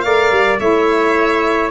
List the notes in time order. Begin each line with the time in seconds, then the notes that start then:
0.00 A3 A#4 D5 F5
0.30 G3
0.59 A3 E4 C#5 E5